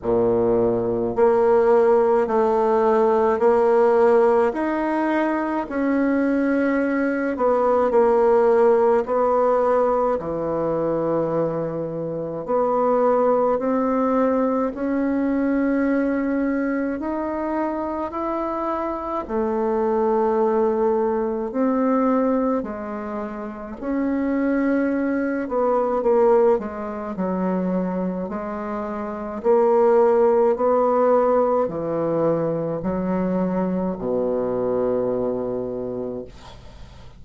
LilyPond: \new Staff \with { instrumentName = "bassoon" } { \time 4/4 \tempo 4 = 53 ais,4 ais4 a4 ais4 | dis'4 cis'4. b8 ais4 | b4 e2 b4 | c'4 cis'2 dis'4 |
e'4 a2 c'4 | gis4 cis'4. b8 ais8 gis8 | fis4 gis4 ais4 b4 | e4 fis4 b,2 | }